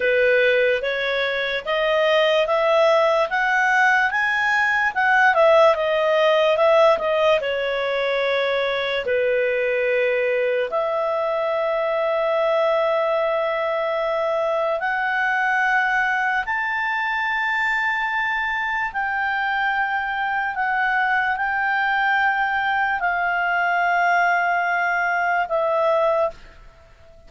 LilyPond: \new Staff \with { instrumentName = "clarinet" } { \time 4/4 \tempo 4 = 73 b'4 cis''4 dis''4 e''4 | fis''4 gis''4 fis''8 e''8 dis''4 | e''8 dis''8 cis''2 b'4~ | b'4 e''2.~ |
e''2 fis''2 | a''2. g''4~ | g''4 fis''4 g''2 | f''2. e''4 | }